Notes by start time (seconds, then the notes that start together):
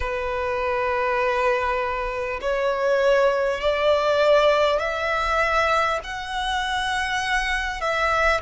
0.00 B4
2.41 C#5
3.60 D5
4.79 E5
6.03 F#5
7.80 E5